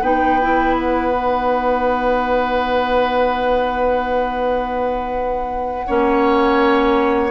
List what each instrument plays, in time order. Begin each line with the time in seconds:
0.00 bassoon B3, clarinet D#4, oboe B4, flute G5
0.41 clarinet E4
0.74 flute F#5
1.12 clarinet D#4
5.86 bassoon A#3, clarinet C#4, oboe C#5